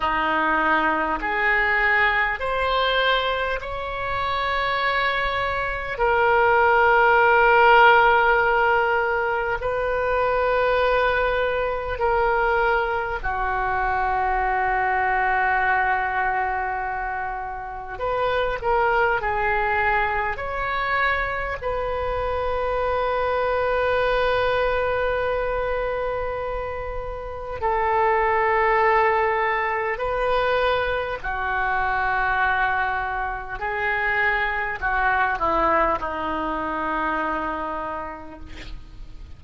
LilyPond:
\new Staff \with { instrumentName = "oboe" } { \time 4/4 \tempo 4 = 50 dis'4 gis'4 c''4 cis''4~ | cis''4 ais'2. | b'2 ais'4 fis'4~ | fis'2. b'8 ais'8 |
gis'4 cis''4 b'2~ | b'2. a'4~ | a'4 b'4 fis'2 | gis'4 fis'8 e'8 dis'2 | }